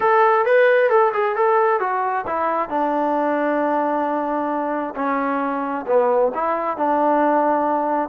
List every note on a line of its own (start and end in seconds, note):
0.00 0.45 A4
0.45 0.89 B4
0.89 1.12 A4
1.13 1.36 G#4
1.36 1.80 A4
1.80 2.25 F#4
2.27 2.69 E4
2.69 4.94 D4
4.95 5.85 C#4
5.86 6.32 B3
6.34 6.77 E4
6.77 8.09 D4